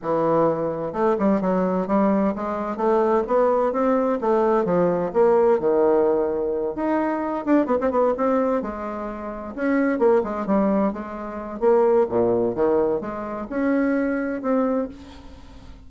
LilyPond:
\new Staff \with { instrumentName = "bassoon" } { \time 4/4 \tempo 4 = 129 e2 a8 g8 fis4 | g4 gis4 a4 b4 | c'4 a4 f4 ais4 | dis2~ dis8 dis'4. |
d'8 b16 c'16 b8 c'4 gis4.~ | gis8 cis'4 ais8 gis8 g4 gis8~ | gis4 ais4 ais,4 dis4 | gis4 cis'2 c'4 | }